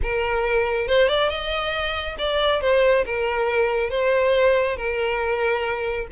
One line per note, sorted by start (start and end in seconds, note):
0.02 0.87 A#4
0.87 1.08 C5
1.08 1.29 D5
1.29 2.16 D#5
2.18 2.61 D5
2.61 3.04 C5
3.05 3.89 A#4
3.89 4.76 C5
4.76 6.07 A#4